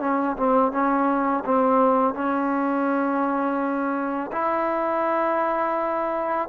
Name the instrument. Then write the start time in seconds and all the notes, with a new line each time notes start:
trombone
0.00 C#4
0.37 C4
0.72 C#4
1.45 C4
2.14 C#4
4.32 E4